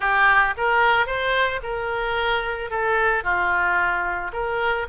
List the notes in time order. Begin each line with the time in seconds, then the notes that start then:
0.00 G4
0.57 A#4
1.06 C5
1.62 A#4
2.70 A4
3.23 F4
4.32 A#4